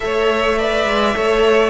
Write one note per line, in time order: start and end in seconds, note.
0.00 0.85 A3
0.00 0.57 A4
0.00 0.58 C#5
0.00 1.70 E5
0.57 1.13 B4
0.57 1.15 D5
0.85 1.14 G#3
1.13 1.70 A3
1.13 1.70 A4
1.13 1.70 C#5